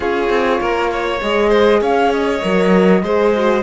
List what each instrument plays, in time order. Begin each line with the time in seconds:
0.00 cello C#4, horn F4, violin G#4, flute C#5
0.29 cello C4
0.60 cello A#3, violin A#4
0.92 violin C#5
1.20 cello G#3, horn G#4, flute D#5
1.49 violin C5
1.81 cello C#4, violin C#5, flute F5
2.11 flute D#5
2.42 cello F#3, horn A#4
3.03 cello G#3, horn G#4, violin C5
3.36 horn F#4